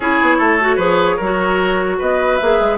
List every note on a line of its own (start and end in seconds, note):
0.00 0.20 C#4
0.00 0.60 E4
0.00 0.37 G#4
0.00 1.98 C#5
0.21 0.39 B3
0.37 0.77 A3
0.37 0.76 A4
0.60 0.79 F#4
0.76 1.17 F3
0.76 1.19 G#4
0.76 1.16 B4
1.16 2.00 F#3
1.16 1.96 A#4
1.23 2.41 F#4
1.98 2.41 B3
1.98 2.78 B4
1.98 2.37 D#5
2.37 2.60 A#3
2.37 2.78 G#4
2.37 2.77 E5
2.60 2.78 G#3